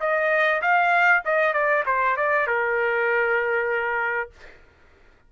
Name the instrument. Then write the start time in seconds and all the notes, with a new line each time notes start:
trumpet
0.00 D#5
0.62 F5
1.25 D#5
1.53 D5
1.86 C5
2.16 D5
2.47 A#4